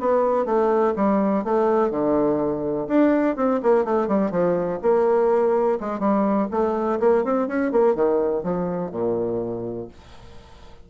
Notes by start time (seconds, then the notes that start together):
0.00 B3
0.46 A3
0.96 G3
1.44 A3
1.90 D3
2.88 D4
3.36 C4
3.62 A#3
3.84 A3
4.08 G3
4.31 F3
4.82 A#3
5.80 G#3
6.00 G3
6.51 A3
7.00 A#3
7.24 C4
7.48 C#4
7.72 A#3
7.95 D#3
8.43 F3
8.91 A#2